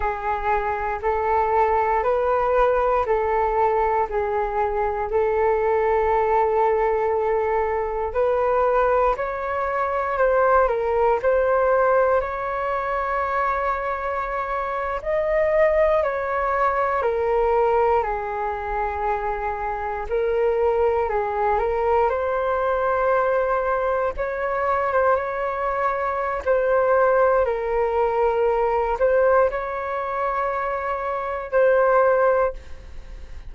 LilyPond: \new Staff \with { instrumentName = "flute" } { \time 4/4 \tempo 4 = 59 gis'4 a'4 b'4 a'4 | gis'4 a'2. | b'4 cis''4 c''8 ais'8 c''4 | cis''2~ cis''8. dis''4 cis''16~ |
cis''8. ais'4 gis'2 ais'16~ | ais'8. gis'8 ais'8 c''2 cis''16~ | cis''8 c''16 cis''4~ cis''16 c''4 ais'4~ | ais'8 c''8 cis''2 c''4 | }